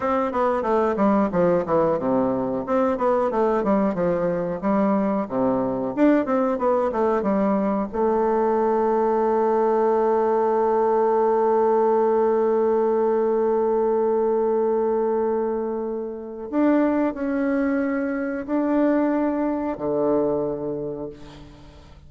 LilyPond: \new Staff \with { instrumentName = "bassoon" } { \time 4/4 \tempo 4 = 91 c'8 b8 a8 g8 f8 e8 c4 | c'8 b8 a8 g8 f4 g4 | c4 d'8 c'8 b8 a8 g4 | a1~ |
a1~ | a1~ | a4 d'4 cis'2 | d'2 d2 | }